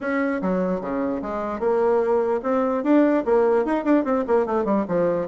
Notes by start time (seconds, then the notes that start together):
0.00 C#4
0.41 F#3
0.80 C#3
1.22 G#3
1.59 A#3
2.43 C4
2.83 D4
3.25 A#3
3.65 D#4
3.84 D4
4.04 C4
4.27 A#3
4.46 A3
4.64 G3
4.88 F3